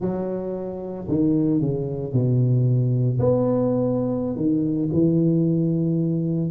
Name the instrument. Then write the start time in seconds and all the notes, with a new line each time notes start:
tuba
0.00 F#3
1.08 D#3
1.60 C#3
2.12 B2
3.19 B3
4.35 D#3
4.92 E3